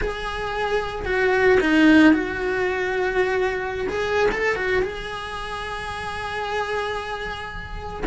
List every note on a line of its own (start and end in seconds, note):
0.01 1.05 G#4
1.05 1.59 F#4
1.60 2.13 D#4
2.13 3.87 F#4
3.88 4.29 G#4
4.31 4.55 A4
4.55 4.82 F#4
4.82 8.03 G#4